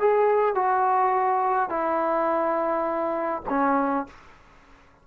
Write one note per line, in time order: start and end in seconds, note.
0.00 0.55 G#4
0.55 1.69 F#4
1.69 3.42 E4
3.49 4.07 C#4